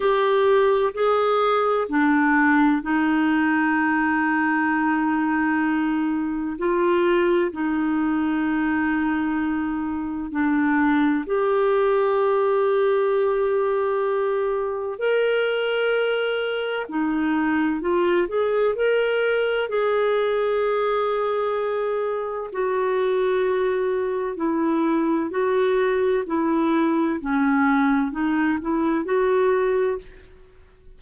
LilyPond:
\new Staff \with { instrumentName = "clarinet" } { \time 4/4 \tempo 4 = 64 g'4 gis'4 d'4 dis'4~ | dis'2. f'4 | dis'2. d'4 | g'1 |
ais'2 dis'4 f'8 gis'8 | ais'4 gis'2. | fis'2 e'4 fis'4 | e'4 cis'4 dis'8 e'8 fis'4 | }